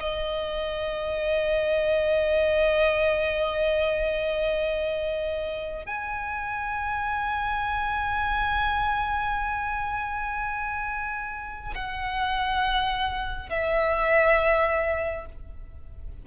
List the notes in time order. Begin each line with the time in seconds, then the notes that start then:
0.00 D#5
5.86 G#5
11.75 F#5
13.50 E5